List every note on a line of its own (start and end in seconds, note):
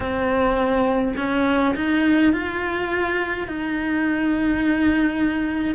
0.00 1.14 C4
1.16 1.74 C#4
1.75 2.32 D#4
2.32 3.47 F4
3.47 5.75 D#4